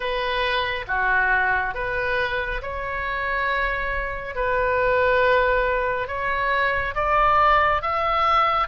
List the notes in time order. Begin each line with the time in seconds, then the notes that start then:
0.00 B4
0.87 F#4
1.74 B4
2.62 C#5
4.35 B4
6.07 C#5
6.94 D5
7.82 E5